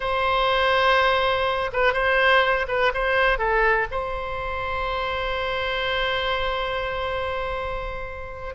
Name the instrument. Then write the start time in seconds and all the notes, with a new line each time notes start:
oboe
0.00 C5
1.73 B4
1.93 C5
2.67 B4
2.94 C5
3.38 A4
3.91 C5